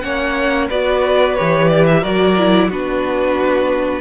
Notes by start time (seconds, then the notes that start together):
0.00 A#3 C#4 C#5 F#5
0.69 B3 F#4 B4 D5
1.35 E3 G4 C#5
1.68 D5
1.86 E5
2.00 F#3 F#4 A#4 D5
2.37 E4
2.69 B3 D4 F#4 B4